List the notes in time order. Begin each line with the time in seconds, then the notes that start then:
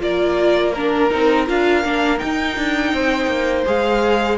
0.00 A#3 F4 A#4 D5
0.73 D4 A#4
1.11 C4 D#4
1.47 D4 F4 F5
1.84 A#3 D4
2.19 D#4 G5
2.57 D4
2.93 C4 C5
3.27 A#3
3.65 G#3 G#4 F5